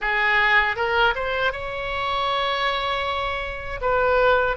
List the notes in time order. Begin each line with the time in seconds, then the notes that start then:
0.01 G#4
0.76 A#4
1.15 C5
1.52 C#5
3.81 B4